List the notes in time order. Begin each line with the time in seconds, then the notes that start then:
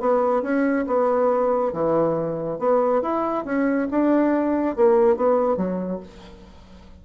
0.00 B3
0.42 C#4
0.87 B3
1.73 E3
2.59 B3
3.02 E4
3.45 C#4
3.91 D4
4.76 A#3
5.17 B3
5.57 F#3